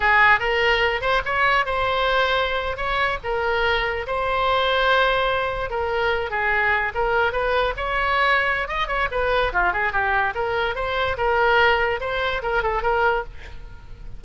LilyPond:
\new Staff \with { instrumentName = "oboe" } { \time 4/4 \tempo 4 = 145 gis'4 ais'4. c''8 cis''4 | c''2~ c''8. cis''4 ais'16~ | ais'4.~ ais'16 c''2~ c''16~ | c''4.~ c''16 ais'4. gis'8.~ |
gis'8. ais'4 b'4 cis''4~ cis''16~ | cis''4 dis''8 cis''8 b'4 f'8 gis'8 | g'4 ais'4 c''4 ais'4~ | ais'4 c''4 ais'8 a'8 ais'4 | }